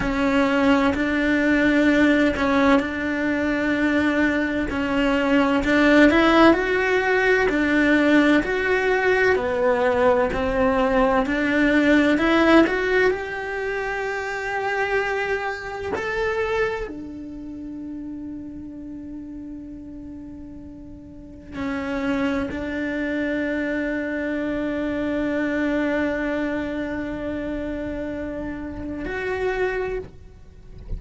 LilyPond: \new Staff \with { instrumentName = "cello" } { \time 4/4 \tempo 4 = 64 cis'4 d'4. cis'8 d'4~ | d'4 cis'4 d'8 e'8 fis'4 | d'4 fis'4 b4 c'4 | d'4 e'8 fis'8 g'2~ |
g'4 a'4 d'2~ | d'2. cis'4 | d'1~ | d'2. fis'4 | }